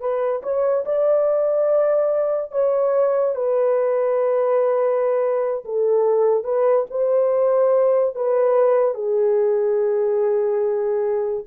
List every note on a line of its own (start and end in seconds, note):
0.00 0.42 B4
0.43 0.84 C#5
0.85 2.52 D5
2.52 3.35 C#5
3.35 5.64 B4
5.65 6.44 A4
6.44 6.86 B4
6.90 8.15 C5
8.15 8.94 B4
8.94 11.44 G#4